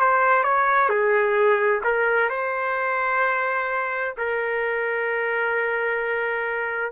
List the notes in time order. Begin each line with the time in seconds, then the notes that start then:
0.00 C5
0.44 C#5
0.89 G#4
1.84 A#4
2.30 C5
4.17 A#4